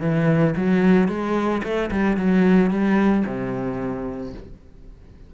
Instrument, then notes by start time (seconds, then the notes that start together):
cello
0.00 E3
0.56 F#3
1.08 G#3
1.63 A3
1.90 G3
2.16 F#3
2.70 G3
3.26 C3